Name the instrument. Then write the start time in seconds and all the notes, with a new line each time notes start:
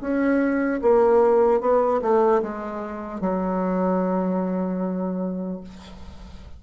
bassoon
0.00 C#4
0.81 A#3
1.60 B3
2.01 A3
2.42 G#3
3.20 F#3